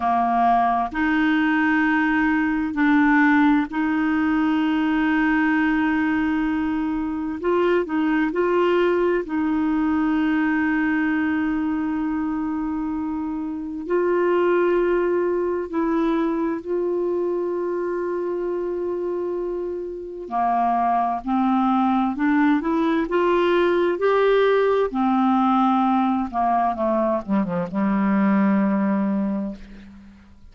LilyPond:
\new Staff \with { instrumentName = "clarinet" } { \time 4/4 \tempo 4 = 65 ais4 dis'2 d'4 | dis'1 | f'8 dis'8 f'4 dis'2~ | dis'2. f'4~ |
f'4 e'4 f'2~ | f'2 ais4 c'4 | d'8 e'8 f'4 g'4 c'4~ | c'8 ais8 a8 g16 f16 g2 | }